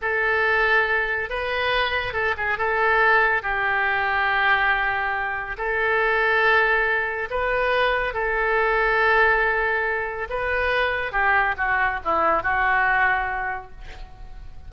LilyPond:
\new Staff \with { instrumentName = "oboe" } { \time 4/4 \tempo 4 = 140 a'2. b'4~ | b'4 a'8 gis'8 a'2 | g'1~ | g'4 a'2.~ |
a'4 b'2 a'4~ | a'1 | b'2 g'4 fis'4 | e'4 fis'2. | }